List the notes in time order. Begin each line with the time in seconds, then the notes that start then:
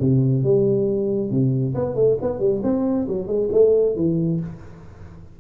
0.00 C3
0.43 G3
1.30 C3
1.75 B3
1.95 A3
2.21 B3
2.39 G3
2.63 C4
3.08 F#3
3.27 G#3
3.52 A3
3.96 E3